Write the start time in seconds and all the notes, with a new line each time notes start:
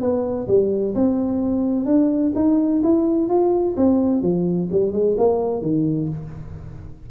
0.00 B3
0.47 G3
0.94 C4
1.85 D4
2.35 D#4
2.83 E4
3.28 F4
3.76 C4
4.22 F3
4.71 G3
4.92 G#3
5.17 A#3
5.61 D#3